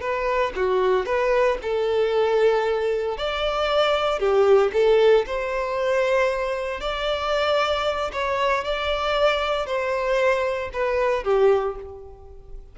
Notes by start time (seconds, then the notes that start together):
0.00 B4
0.55 F#4
1.05 B4
1.62 A4
3.17 D5
4.19 G4
4.73 A4
5.26 C5
6.80 D5
8.12 C#5
8.64 D5
9.66 C5
10.72 B4
11.23 G4